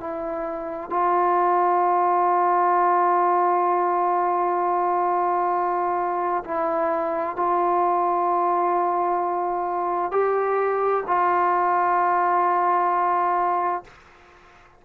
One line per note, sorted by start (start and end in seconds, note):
0.00 0.90 E4
0.90 6.44 F4
6.44 7.36 E4
7.36 10.11 F4
10.11 11.03 G4
11.06 13.83 F4